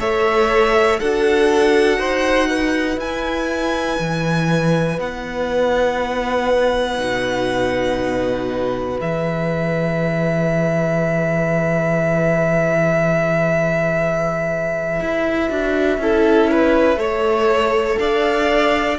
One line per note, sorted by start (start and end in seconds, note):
0.00 1.00 A3
0.00 1.00 A4
0.00 1.00 C#5
0.00 1.00 E5
1.00 1.98 D4
1.00 3.00 F#4
1.00 1.99 A4
1.00 3.00 F#5
1.98 2.97 D#4
1.98 2.49 C5
2.50 16.00 B4
2.97 3.97 E4
2.97 6.98 E4
2.97 5.00 G#5
3.99 4.99 E3
4.99 6.99 B3
4.99 9.00 F#5
6.98 8.99 B2
6.98 8.97 D#4
8.97 15.00 E3
8.97 15.47 G#4
8.97 17.98 E5
15.00 15.50 E4
15.50 15.98 D4
15.50 16.00 F#4
15.98 16.96 C#4
15.98 16.96 E4
15.98 16.51 A4
16.51 16.99 B4
16.96 17.96 A3
16.96 18.96 A4
16.96 17.99 C#5
17.98 18.99 D4
17.98 18.99 D5
17.98 18.98 F5